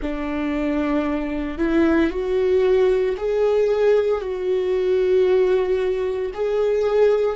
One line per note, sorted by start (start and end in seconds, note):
0.01 1.57 D4
1.57 2.10 E4
2.10 3.15 F#4
3.17 4.21 G#4
4.21 6.31 F#4
6.34 7.35 G#4